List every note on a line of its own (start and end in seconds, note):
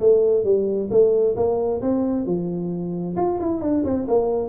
0.00 0.44 A3
0.44 0.90 G3
0.91 1.36 A3
1.36 1.81 A#3
1.82 2.26 C4
2.26 3.16 F3
3.17 3.39 F4
3.40 3.62 E4
3.62 3.84 D4
3.84 4.07 C4
4.08 4.49 A#3